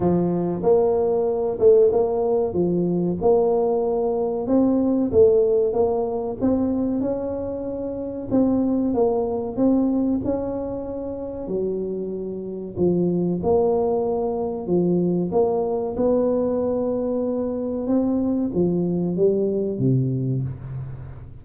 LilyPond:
\new Staff \with { instrumentName = "tuba" } { \time 4/4 \tempo 4 = 94 f4 ais4. a8 ais4 | f4 ais2 c'4 | a4 ais4 c'4 cis'4~ | cis'4 c'4 ais4 c'4 |
cis'2 fis2 | f4 ais2 f4 | ais4 b2. | c'4 f4 g4 c4 | }